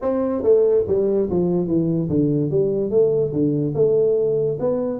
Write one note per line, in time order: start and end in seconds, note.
0.01 0.42 C4
0.42 0.84 A3
0.87 1.29 G3
1.30 1.67 F3
1.67 2.09 E3
2.09 2.50 D3
2.50 2.90 G3
2.90 3.31 A3
3.32 3.74 D3
3.74 4.58 A3
4.59 5.00 B3